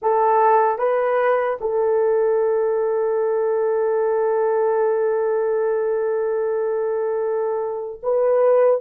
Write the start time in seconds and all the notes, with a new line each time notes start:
0.01 A4
0.78 B4
1.60 A4
8.02 B4